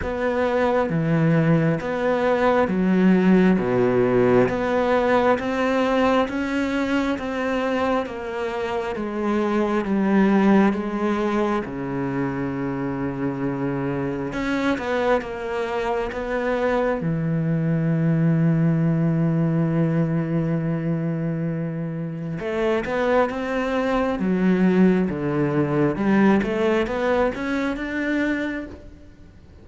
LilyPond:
\new Staff \with { instrumentName = "cello" } { \time 4/4 \tempo 4 = 67 b4 e4 b4 fis4 | b,4 b4 c'4 cis'4 | c'4 ais4 gis4 g4 | gis4 cis2. |
cis'8 b8 ais4 b4 e4~ | e1~ | e4 a8 b8 c'4 fis4 | d4 g8 a8 b8 cis'8 d'4 | }